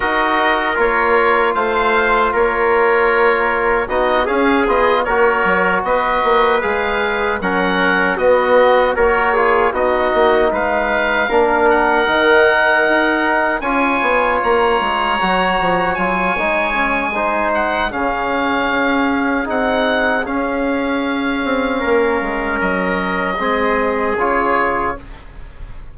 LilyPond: <<
  \new Staff \with { instrumentName = "oboe" } { \time 4/4 \tempo 4 = 77 dis''4 cis''4 f''4 cis''4~ | cis''4 dis''8 f''8 dis''8 cis''4 dis''8~ | dis''8 f''4 fis''4 dis''4 cis''8~ | cis''8 dis''4 f''4. fis''4~ |
fis''4. gis''4 ais''4.~ | ais''8 gis''2 fis''8 f''4~ | f''4 fis''4 f''2~ | f''4 dis''2 cis''4 | }
  \new Staff \with { instrumentName = "trumpet" } { \time 4/4 ais'2 c''4 ais'4~ | ais'4 fis'8 gis'4 ais'4 b'8~ | b'4. ais'4 fis'4 ais'8 | gis'8 fis'4 b'4 ais'4.~ |
ais'4. cis''2~ cis''8~ | cis''2 c''4 gis'4~ | gis'1 | ais'2 gis'2 | }
  \new Staff \with { instrumentName = "trombone" } { \time 4/4 fis'4 f'2.~ | f'4 dis'8 cis'8 f'8 fis'4.~ | fis'8 gis'4 cis'4 b4 fis'8 | f'8 dis'2 d'4 dis'8~ |
dis'4. f'2 fis'8~ | fis'8 f'8 dis'8 cis'8 dis'4 cis'4~ | cis'4 dis'4 cis'2~ | cis'2 c'4 f'4 | }
  \new Staff \with { instrumentName = "bassoon" } { \time 4/4 dis'4 ais4 a4 ais4~ | ais4 b8 cis'8 b8 ais8 fis8 b8 | ais8 gis4 fis4 b4 ais8~ | ais8 b8 ais8 gis4 ais4 dis8~ |
dis8 dis'4 cis'8 b8 ais8 gis8 fis8 | f8 fis8 gis2 cis4 | cis'4 c'4 cis'4. c'8 | ais8 gis8 fis4 gis4 cis4 | }
>>